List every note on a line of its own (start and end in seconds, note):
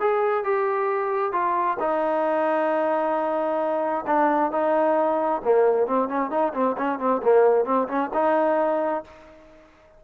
0.00 0.44 G#4
0.44 1.32 G4
1.32 1.77 F4
1.79 4.05 D#4
4.07 4.51 D4
4.51 5.42 D#4
5.44 5.87 A#3
5.87 6.08 C4
6.08 6.30 C#4
6.30 6.53 D#4
6.54 6.76 C4
6.78 6.99 C#4
6.99 7.21 C4
7.23 7.65 A#3
7.65 7.87 C4
7.88 8.10 C#4
8.13 9.04 D#4